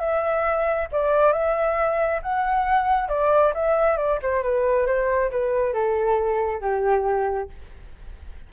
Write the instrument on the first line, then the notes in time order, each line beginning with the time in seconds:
flute
0.00 E5
0.92 D5
1.33 E5
2.23 F#5
3.09 D5
3.55 E5
3.97 D5
4.23 C5
4.44 B4
4.87 C5
5.32 B4
5.74 A4
6.61 G4